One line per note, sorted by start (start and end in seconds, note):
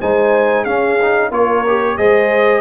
0.00 0.66 G#3
0.00 0.66 D#4
0.00 0.64 C5
0.00 0.64 G#5
0.64 1.31 C#4
0.64 0.99 C#4
0.64 1.30 G#4
0.64 1.30 F5
1.01 1.31 D#4
1.31 1.97 A#3
1.31 1.64 F4
1.31 1.97 A#4
1.31 1.97 C#5
1.67 1.98 G4
1.97 2.61 G#3
1.97 2.61 G#4
1.97 2.61 C5
1.97 2.61 D#5